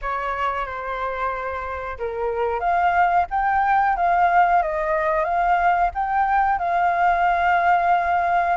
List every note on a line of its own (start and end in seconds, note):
0.01 0.66 C#5
0.66 1.98 C5
1.98 2.60 A#4
2.60 3.25 F5
3.30 3.96 G5
3.96 4.62 F5
4.62 5.24 D#5
5.24 5.90 F5
5.94 6.58 G5
6.58 8.56 F5